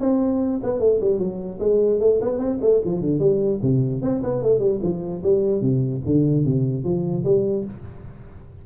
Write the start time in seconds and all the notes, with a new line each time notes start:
0.00 C4
0.63 B3
0.80 A3
1.01 G3
1.19 F#3
1.60 G#3
2.00 A3
2.21 B3
2.38 C4
2.61 A3
2.85 F3
3.01 D3
3.19 G3
3.63 C3
4.02 C4
4.24 B3
4.42 A3
4.59 G3
4.82 F3
5.23 G3
5.61 C3
6.06 D3
6.45 C3
6.84 F3
7.24 G3